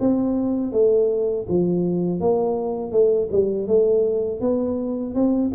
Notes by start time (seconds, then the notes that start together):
0.00 C4
0.72 A3
1.48 F3
2.20 A#3
2.92 A3
3.32 G3
3.67 A3
4.41 B3
5.14 C4